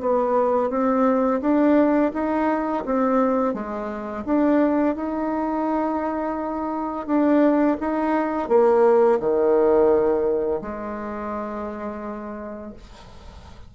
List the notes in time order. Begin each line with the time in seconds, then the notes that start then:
0.00 B3
0.70 C4
1.41 D4
2.13 D#4
2.85 C4
3.53 G#3
4.25 D4
4.95 D#4
7.06 D4
7.80 D#4
8.48 A#3
9.19 D#3
10.61 G#3